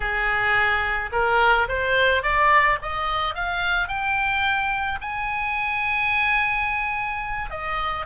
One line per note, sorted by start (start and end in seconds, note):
0.00 1.10 G#4
1.11 1.67 A#4
1.68 2.22 C5
2.22 2.78 D5
2.82 3.34 D#5
3.34 3.87 F5
3.87 4.98 G5
5.01 7.50 G#5
7.50 8.06 D#5